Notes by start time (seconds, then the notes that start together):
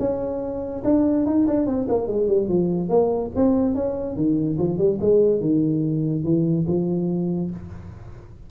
0.00 C#4
0.85 D4
1.27 D#4
1.48 D4
1.67 C4
1.89 A#3
2.08 G#3
2.28 G3
2.49 F3
2.90 A#3
3.36 C4
3.75 C#4
4.16 D#3
4.59 F3
4.79 G3
5.01 G#3
5.41 D#3
6.25 E3
6.67 F3